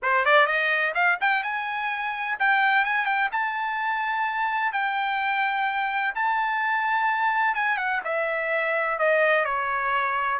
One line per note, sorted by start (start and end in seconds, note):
0.02 0.25 C5
0.25 0.46 D5
0.46 0.93 D#5
0.94 1.18 F5
1.20 1.43 G5
1.43 2.38 G#5
2.39 2.84 G5
2.84 3.05 G#5
3.05 3.29 G5
3.32 4.72 A5
4.72 6.14 G5
6.14 7.54 A5
7.54 7.77 G#5
7.77 8.01 F#5
8.04 8.98 E5
8.98 9.45 D#5
9.45 10.39 C#5